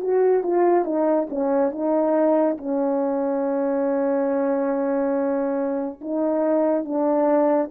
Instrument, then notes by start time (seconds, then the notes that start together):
horn
0.00 F#4
0.43 F4
0.85 D#4
1.29 C#4
1.71 D#4
2.57 C#4
6.01 D#4
6.84 D4